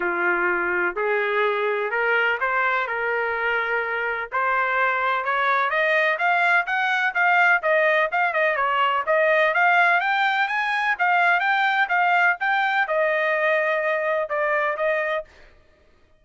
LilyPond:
\new Staff \with { instrumentName = "trumpet" } { \time 4/4 \tempo 4 = 126 f'2 gis'2 | ais'4 c''4 ais'2~ | ais'4 c''2 cis''4 | dis''4 f''4 fis''4 f''4 |
dis''4 f''8 dis''8 cis''4 dis''4 | f''4 g''4 gis''4 f''4 | g''4 f''4 g''4 dis''4~ | dis''2 d''4 dis''4 | }